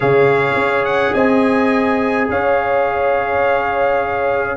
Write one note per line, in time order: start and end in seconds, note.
0.00 0.55 C#3
0.00 4.57 G#4
0.00 1.13 C#5
0.00 0.84 F5
0.55 1.12 C#4
0.84 1.13 F#5
1.13 2.28 C4
1.13 2.28 D#5
1.13 2.28 G#5
2.29 4.57 C#4
2.29 4.57 C#5
2.29 4.57 F5